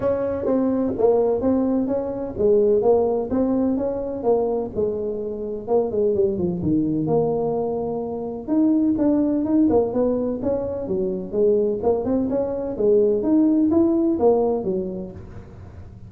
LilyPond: \new Staff \with { instrumentName = "tuba" } { \time 4/4 \tempo 4 = 127 cis'4 c'4 ais4 c'4 | cis'4 gis4 ais4 c'4 | cis'4 ais4 gis2 | ais8 gis8 g8 f8 dis4 ais4~ |
ais2 dis'4 d'4 | dis'8 ais8 b4 cis'4 fis4 | gis4 ais8 c'8 cis'4 gis4 | dis'4 e'4 ais4 fis4 | }